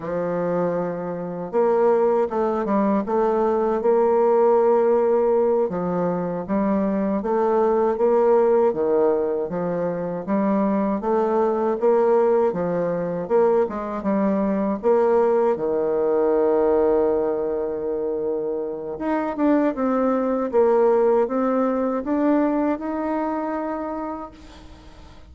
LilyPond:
\new Staff \with { instrumentName = "bassoon" } { \time 4/4 \tempo 4 = 79 f2 ais4 a8 g8 | a4 ais2~ ais8 f8~ | f8 g4 a4 ais4 dis8~ | dis8 f4 g4 a4 ais8~ |
ais8 f4 ais8 gis8 g4 ais8~ | ais8 dis2.~ dis8~ | dis4 dis'8 d'8 c'4 ais4 | c'4 d'4 dis'2 | }